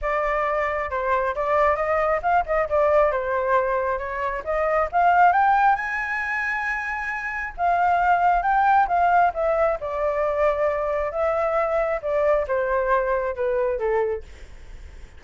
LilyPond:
\new Staff \with { instrumentName = "flute" } { \time 4/4 \tempo 4 = 135 d''2 c''4 d''4 | dis''4 f''8 dis''8 d''4 c''4~ | c''4 cis''4 dis''4 f''4 | g''4 gis''2.~ |
gis''4 f''2 g''4 | f''4 e''4 d''2~ | d''4 e''2 d''4 | c''2 b'4 a'4 | }